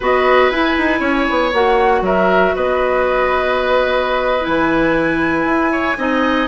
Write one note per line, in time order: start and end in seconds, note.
0.00 0.51 B3
0.00 0.51 F#4
0.00 0.99 B4
0.00 0.50 D#5
0.50 0.76 E4
0.50 1.53 E4
0.50 1.52 G#5
0.78 0.99 D#4
0.99 1.25 C#4
0.99 2.01 C#5
1.30 1.52 B3
1.52 2.01 A#3
1.52 4.40 F#4
1.52 2.03 F#5
2.01 2.51 F#3
2.01 2.55 A#4
2.01 2.55 E5
2.55 4.46 B3
2.55 5.71 B4
2.55 4.45 D#5
4.40 5.93 E4
4.40 6.48 G#5
4.46 5.44 E3
5.44 5.95 E4
5.71 5.97 C#5
5.97 6.48 C4
5.97 6.48 D#4
5.97 6.48 D#5